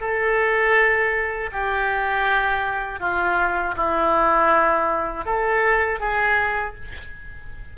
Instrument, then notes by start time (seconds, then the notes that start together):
oboe
0.00 A4
1.52 G4
3.00 F4
3.76 E4
5.25 A4
6.00 G#4